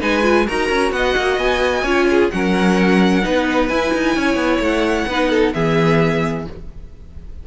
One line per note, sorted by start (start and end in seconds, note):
0.00 0.48 G#3
0.00 0.23 D#4
0.00 0.46 B4
0.00 0.48 G#5
0.23 0.46 F4
0.47 0.70 D#4
0.47 1.86 F#4
0.47 0.93 A#4
0.47 0.93 A#5
0.70 0.92 C#4
0.92 1.15 B3
0.92 1.83 D#5
0.92 1.39 F#5
1.17 1.38 A#3
1.38 1.84 B3
1.38 2.31 G#5
1.83 2.30 C#4
1.83 2.32 F4
1.83 2.07 C#5
2.10 2.33 G#4
2.31 3.26 F#3
2.31 3.23 C#4
2.31 3.25 A#4
2.31 3.69 F#5
3.23 3.70 B3
3.23 3.69 D#4
3.23 4.16 B4
3.69 3.93 E4
3.69 5.10 E4
3.69 4.61 G#5
3.94 4.16 D#4
4.16 4.36 C#4
4.16 5.09 C#5
4.36 4.59 B3
4.60 5.06 A3
4.60 5.54 F#5
5.08 5.54 B3
5.08 5.54 D#4
5.08 5.30 B4
5.30 5.53 A4
5.54 6.48 E3
5.54 6.47 B3
5.54 6.47 G#4
5.54 6.46 E5